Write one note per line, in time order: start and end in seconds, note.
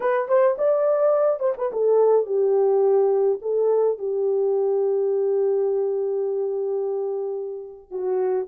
0.00 0.28 B4
0.28 0.56 C5
0.58 1.39 D5
1.39 1.53 C5
1.57 1.71 B4
1.72 2.26 A4
2.26 3.39 G4
3.41 3.98 A4
3.98 7.90 G4
7.90 8.47 F#4